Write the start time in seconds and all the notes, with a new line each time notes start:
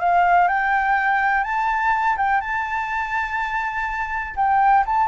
0.00 F5
0.48 G5
1.44 A5
2.18 G5
2.41 A5
4.37 G5
4.87 A5